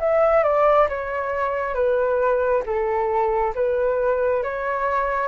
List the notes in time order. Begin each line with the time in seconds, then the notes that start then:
0.00 E5
0.44 D5
0.89 C#5
1.74 B4
2.66 A4
3.55 B4
4.44 C#5